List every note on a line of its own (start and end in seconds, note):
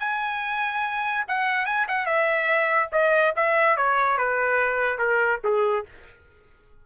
0.00 1.25 G#5
1.28 1.66 F#5
1.66 1.87 G#5
1.88 2.06 F#5
2.06 2.90 E5
2.92 3.34 D#5
3.37 3.77 E5
3.77 4.18 C#5
4.18 4.99 B4
4.99 5.41 A#4
5.44 5.86 G#4